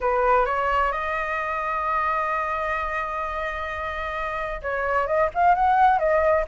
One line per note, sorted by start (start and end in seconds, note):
0.00 0.45 B4
0.45 0.91 C#5
0.92 4.61 D#5
4.62 5.06 C#5
5.06 5.29 D#5
5.34 5.54 F5
5.54 5.98 F#5
5.98 6.44 D#5